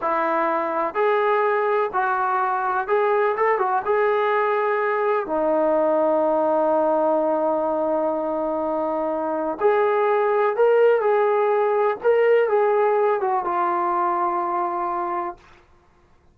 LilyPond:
\new Staff \with { instrumentName = "trombone" } { \time 4/4 \tempo 4 = 125 e'2 gis'2 | fis'2 gis'4 a'8 fis'8 | gis'2. dis'4~ | dis'1~ |
dis'1 | gis'2 ais'4 gis'4~ | gis'4 ais'4 gis'4. fis'8 | f'1 | }